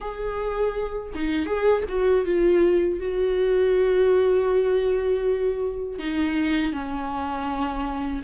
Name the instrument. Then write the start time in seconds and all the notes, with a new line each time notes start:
viola
0.00 G#4
1.15 D#4
1.46 G#4
1.89 F#4
2.25 F4
2.99 F#4
5.99 D#4
6.72 C#4